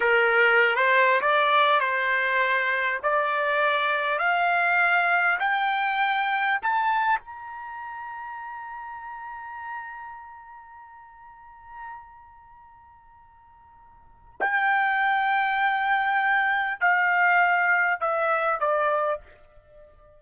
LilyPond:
\new Staff \with { instrumentName = "trumpet" } { \time 4/4 \tempo 4 = 100 ais'4~ ais'16 c''8. d''4 c''4~ | c''4 d''2 f''4~ | f''4 g''2 a''4 | ais''1~ |
ais''1~ | ais''1 | g''1 | f''2 e''4 d''4 | }